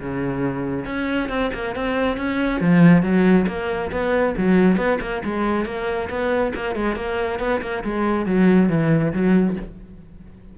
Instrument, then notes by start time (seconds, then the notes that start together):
cello
0.00 C#3
0.85 C#4
1.29 C4
1.54 A#3
1.75 C4
2.17 C#4
2.60 F3
3.03 F#3
3.47 A#3
3.91 B3
4.37 F#3
4.77 B3
5.01 A#3
5.24 G#3
5.65 A#3
6.09 B3
6.55 A#3
6.75 G#3
6.96 A#3
7.39 B3
7.61 A#3
7.84 G#3
8.25 F#3
8.69 E3
9.13 F#3